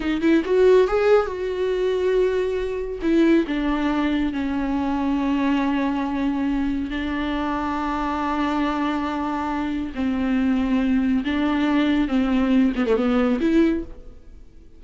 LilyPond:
\new Staff \with { instrumentName = "viola" } { \time 4/4 \tempo 4 = 139 dis'8 e'8 fis'4 gis'4 fis'4~ | fis'2. e'4 | d'2 cis'2~ | cis'1 |
d'1~ | d'2. c'4~ | c'2 d'2 | c'4. b16 a16 b4 e'4 | }